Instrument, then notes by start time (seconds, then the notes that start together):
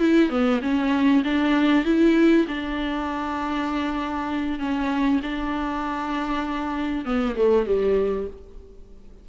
viola
0.00 E4
0.30 B3
0.62 C#4
1.24 D4
1.85 E4
2.48 D4
4.59 C#4
5.23 D4
7.05 B3
7.36 A3
7.66 G3